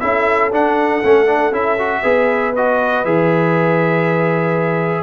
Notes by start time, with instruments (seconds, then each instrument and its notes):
0.00 tuba C#4, trombone E4, horn A4, trumpet E5
0.51 tuba D4, trombone D4, trumpet F#5
1.03 tuba A3, trombone C#4
1.26 trombone D4
1.51 tuba C#4, trombone E4, trumpet E5
1.78 trombone F#4
2.01 tuba B3, trombone G#4, horn B4
2.56 trombone F#4, trumpet D#5
3.05 tuba E3, trombone G#4, trumpet E5